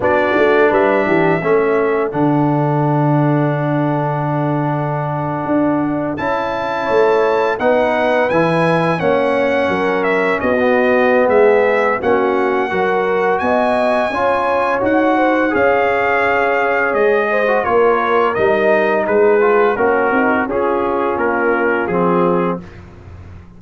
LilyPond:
<<
  \new Staff \with { instrumentName = "trumpet" } { \time 4/4 \tempo 4 = 85 d''4 e''2 fis''4~ | fis''1~ | fis''8. a''2 fis''4 gis''16~ | gis''8. fis''4. e''8 dis''4~ dis''16 |
e''4 fis''2 gis''4~ | gis''4 fis''4 f''2 | dis''4 cis''4 dis''4 b'4 | ais'4 gis'4 ais'4 gis'4 | }
  \new Staff \with { instrumentName = "horn" } { \time 4/4 fis'4 b'8 g'8 a'2~ | a'1~ | a'4.~ a'16 cis''4 b'4~ b'16~ | b'8. cis''4 ais'4 fis'4~ fis'16 |
gis'4 fis'4 ais'4 dis''4 | cis''4. c''8 cis''2~ | cis''8 c''8 ais'2 gis'4 | cis'8 dis'8 f'2. | }
  \new Staff \with { instrumentName = "trombone" } { \time 4/4 d'2 cis'4 d'4~ | d'1~ | d'8. e'2 dis'4 e'16~ | e'8. cis'2~ cis'16 b4~ |
b4 cis'4 fis'2 | f'4 fis'4 gis'2~ | gis'8. fis'16 f'4 dis'4. f'8 | fis'4 cis'2 c'4 | }
  \new Staff \with { instrumentName = "tuba" } { \time 4/4 b8 a8 g8 e8 a4 d4~ | d2.~ d8. d'16~ | d'8. cis'4 a4 b4 e16~ | e8. ais4 fis4 b4~ b16 |
gis4 ais4 fis4 b4 | cis'4 dis'4 cis'2 | gis4 ais4 g4 gis4 | ais8 c'8 cis'4 ais4 f4 | }
>>